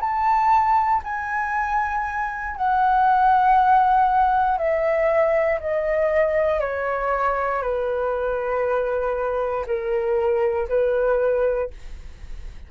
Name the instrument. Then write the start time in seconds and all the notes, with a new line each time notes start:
flute
0.00 A5
1.04 G#5
2.56 F#5
4.58 E5
5.60 D#5
6.60 C#5
7.62 B4
9.66 A#4
10.68 B4